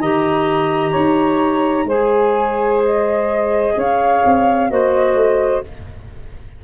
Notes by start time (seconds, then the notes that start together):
0.00 D#3 G4 D#5 A#5
0.91 D#4 C#5
1.85 G#3 G#4 C5 G#5
2.85 D#5
3.76 C#4 C#5 F5
4.25 C4
4.70 A#3 F#4 C5 D#5
5.14 A3